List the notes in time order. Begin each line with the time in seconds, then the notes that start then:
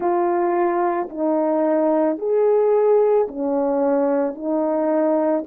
0.00 F4
1.09 D#4
2.18 G#4
3.27 C#4
4.34 D#4